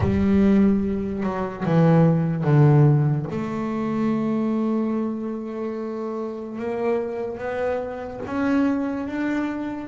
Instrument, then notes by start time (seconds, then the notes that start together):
double bass
0.00 G3
1.23 F#3
1.65 E3
2.43 D3
3.30 A3
6.59 A#3
7.37 B3
8.26 C#4
9.07 D4